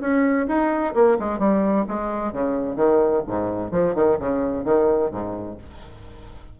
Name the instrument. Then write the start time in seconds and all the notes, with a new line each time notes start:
bassoon
0.00 C#4
0.47 D#4
0.94 A#3
1.19 G#3
1.39 G3
1.88 G#3
2.32 C#3
2.76 D#3
3.27 G#2
3.71 F3
3.95 D#3
4.19 C#3
4.64 D#3
5.11 G#2